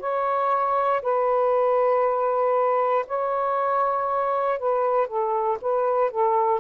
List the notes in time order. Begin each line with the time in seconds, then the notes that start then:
0.00 C#5
1.02 B4
3.07 C#5
4.59 B4
5.07 A4
5.62 B4
6.11 A4